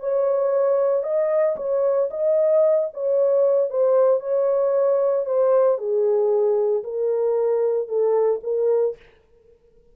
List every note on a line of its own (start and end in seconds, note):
0.00 1.03 C#5
1.03 1.56 D#5
1.56 2.09 C#5
2.11 2.89 D#5
2.94 3.70 C#5
3.70 4.20 C5
4.20 5.26 C#5
5.26 5.78 C5
5.78 6.83 G#4
6.84 7.88 A#4
7.88 8.41 A4
8.43 8.96 A#4